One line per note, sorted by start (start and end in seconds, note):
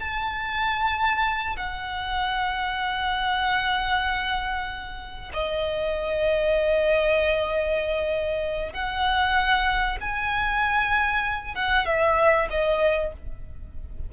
0.00 1.56 A5
1.57 5.32 F#5
5.33 8.73 D#5
8.73 9.98 F#5
10.01 11.55 G#5
11.55 11.86 F#5
11.86 12.48 E5
12.50 13.12 D#5